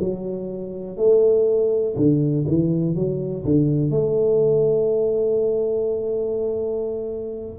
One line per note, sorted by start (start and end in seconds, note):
0.00 0.97 F#3
0.97 1.95 A3
1.97 2.46 D3
2.48 2.96 E3
2.96 3.45 F#3
3.45 3.91 D3
3.91 7.60 A3